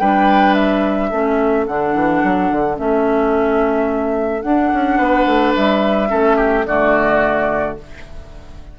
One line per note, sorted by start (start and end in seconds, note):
0.00 1.11 G3
0.00 1.12 D4
0.00 1.10 B4
0.00 0.54 G5
0.54 1.65 E5
1.10 1.67 A3
1.10 1.67 C#4
1.10 4.97 A4
1.67 1.95 D3
1.67 2.76 D4
1.67 2.78 F#5
1.95 2.23 E3
2.23 2.51 F#3
2.51 2.79 D3
2.76 4.44 A3
2.76 4.42 C#4
2.76 4.42 E5
4.42 6.08 D4
4.42 4.71 D4
4.42 5.53 F#5
4.73 4.99 C#4
4.97 5.26 B3
4.97 6.09 B4
5.26 5.54 A3
5.56 6.12 G3
5.56 6.66 E5
6.08 6.67 A3
6.08 6.64 C#4
6.08 6.37 A4
6.37 6.65 G4
6.66 7.78 D3
6.66 7.78 A3
6.66 7.79 F#4
6.66 7.77 D5